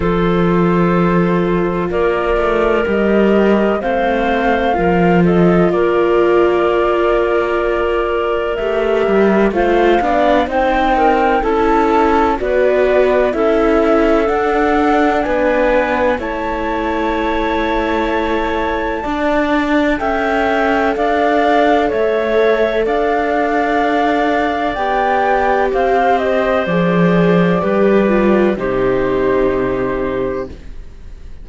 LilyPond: <<
  \new Staff \with { instrumentName = "flute" } { \time 4/4 \tempo 4 = 63 c''2 d''4 dis''4 | f''4. dis''8 d''2~ | d''4 e''4 f''4 g''4 | a''4 d''4 e''4 fis''4 |
gis''4 a''2.~ | a''4 g''4 f''4 e''4 | f''2 g''4 f''8 dis''8 | d''2 c''2 | }
  \new Staff \with { instrumentName = "clarinet" } { \time 4/4 a'2 ais'2 | c''4 ais'8 a'8 ais'2~ | ais'2 c''8 d''8 c''8 ais'8 | a'4 b'4 a'2 |
b'4 cis''2. | d''4 e''4 d''4 cis''4 | d''2. c''4~ | c''4 b'4 g'2 | }
  \new Staff \with { instrumentName = "viola" } { \time 4/4 f'2. g'4 | c'4 f'2.~ | f'4 g'4 f'8 d'8 dis'4 | e'4 fis'4 e'4 d'4~ |
d'4 e'2. | d'4 a'2.~ | a'2 g'2 | gis'4 g'8 f'8 dis'2 | }
  \new Staff \with { instrumentName = "cello" } { \time 4/4 f2 ais8 a8 g4 | a4 f4 ais2~ | ais4 a8 g8 a8 b8 c'4 | cis'4 b4 cis'4 d'4 |
b4 a2. | d'4 cis'4 d'4 a4 | d'2 b4 c'4 | f4 g4 c2 | }
>>